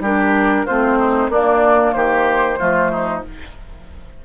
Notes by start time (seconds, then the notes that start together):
0.00 G3 D4 G4 A#4
0.66 A3 C4 F4 C5
0.99 D#4
1.29 A#3 D4 D5
1.93 D#3 G4 C5
2.58 F3 A3 F4
2.92 D#4